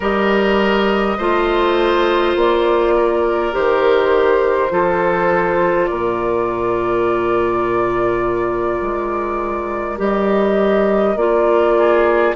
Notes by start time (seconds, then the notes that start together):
0.00 G3 G4 A#4 D#5
1.17 A3 F4 C5
2.35 A#3 D5
2.96 A#4
3.51 D#3 G4 C5
4.70 F3 F4 A4
5.86 A#2 A#4 D5
8.81 G#3
9.97 G3 G4 D#5
11.16 A#3 F4 D5
11.77 G#4